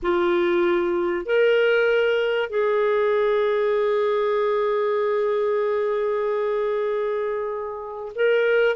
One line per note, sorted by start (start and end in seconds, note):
0.02 1.25 F4
1.25 2.49 A#4
2.49 8.12 G#4
8.15 8.75 A#4